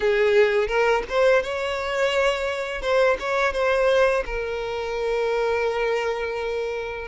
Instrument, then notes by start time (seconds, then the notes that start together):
violin
0.00 G#4
0.67 A#4
1.09 C5
1.42 C#5
2.81 C5
3.19 C#5
3.53 C5
4.25 A#4